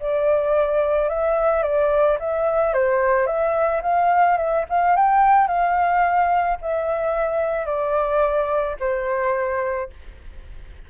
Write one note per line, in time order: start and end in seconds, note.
0.00 1.09 D5
1.09 1.63 E5
1.63 2.18 D5
2.19 2.73 E5
2.73 3.27 C5
3.27 3.82 E5
3.82 4.37 F5
4.38 4.65 E5
4.70 4.96 F5
4.96 5.48 G5
5.48 6.58 F5
6.62 7.66 E5
7.66 8.76 D5
8.80 9.90 C5